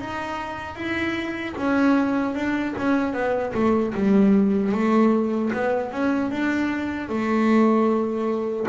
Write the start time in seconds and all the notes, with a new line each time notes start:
0.00 D#4
0.76 E4
1.57 C#4
2.35 D4
2.78 C#4
3.14 B3
3.55 A3
3.95 G3
4.73 A3
5.53 B3
5.92 C#4
6.31 D4
7.09 A3